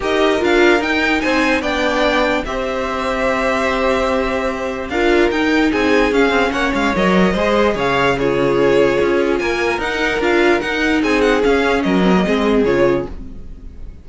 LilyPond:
<<
  \new Staff \with { instrumentName = "violin" } { \time 4/4 \tempo 4 = 147 dis''4 f''4 g''4 gis''4 | g''2 e''2~ | e''1 | f''4 g''4 gis''4 f''4 |
fis''8 f''8 dis''2 f''4 | cis''2. gis''4 | fis''4 f''4 fis''4 gis''8 fis''8 | f''4 dis''2 cis''4 | }
  \new Staff \with { instrumentName = "violin" } { \time 4/4 ais'2. c''4 | d''2 c''2~ | c''1 | ais'2 gis'2 |
cis''2 c''4 cis''4 | gis'2. ais'4~ | ais'2. gis'4~ | gis'4 ais'4 gis'2 | }
  \new Staff \with { instrumentName = "viola" } { \time 4/4 g'4 f'4 dis'2 | d'2 g'2~ | g'1 | f'4 dis'2 cis'4~ |
cis'4 ais'4 gis'2 | f'1 | dis'4 f'4 dis'2 | cis'4. c'16 ais16 c'4 f'4 | }
  \new Staff \with { instrumentName = "cello" } { \time 4/4 dis'4 d'4 dis'4 c'4 | b2 c'2~ | c'1 | d'4 dis'4 c'4 cis'8 c'8 |
ais8 gis8 fis4 gis4 cis4~ | cis2 cis'4 ais4 | dis'4 d'4 dis'4 c'4 | cis'4 fis4 gis4 cis4 | }
>>